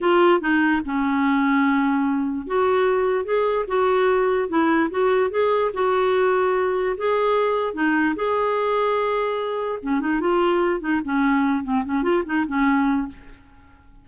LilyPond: \new Staff \with { instrumentName = "clarinet" } { \time 4/4 \tempo 4 = 147 f'4 dis'4 cis'2~ | cis'2 fis'2 | gis'4 fis'2 e'4 | fis'4 gis'4 fis'2~ |
fis'4 gis'2 dis'4 | gis'1 | cis'8 dis'8 f'4. dis'8 cis'4~ | cis'8 c'8 cis'8 f'8 dis'8 cis'4. | }